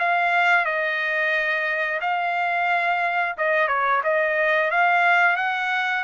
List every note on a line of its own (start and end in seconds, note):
0.00 0.66 F5
0.66 2.00 D#5
2.01 3.36 F5
3.38 3.69 D#5
3.69 4.02 C#5
4.04 4.71 D#5
4.71 5.37 F5
5.37 6.04 F#5